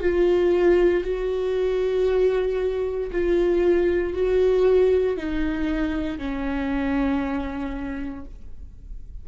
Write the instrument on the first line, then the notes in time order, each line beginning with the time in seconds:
viola
0.00 F4
1.03 F#4
3.11 F4
4.13 F#4
5.17 D#4
6.18 C#4